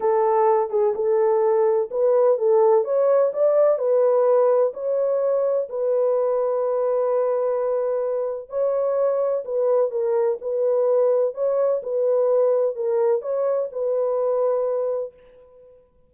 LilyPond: \new Staff \with { instrumentName = "horn" } { \time 4/4 \tempo 4 = 127 a'4. gis'8 a'2 | b'4 a'4 cis''4 d''4 | b'2 cis''2 | b'1~ |
b'2 cis''2 | b'4 ais'4 b'2 | cis''4 b'2 ais'4 | cis''4 b'2. | }